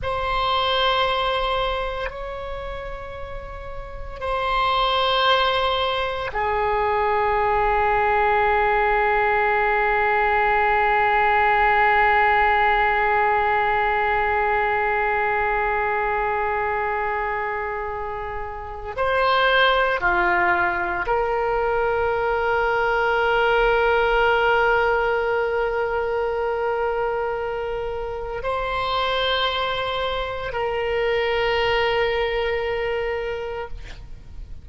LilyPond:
\new Staff \with { instrumentName = "oboe" } { \time 4/4 \tempo 4 = 57 c''2 cis''2 | c''2 gis'2~ | gis'1~ | gis'1~ |
gis'2 c''4 f'4 | ais'1~ | ais'2. c''4~ | c''4 ais'2. | }